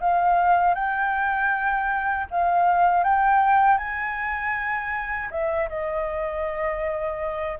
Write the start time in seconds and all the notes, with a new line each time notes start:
0.00 F5
0.74 G5
2.30 F5
3.03 G5
3.77 G#5
5.30 E5
5.69 D#5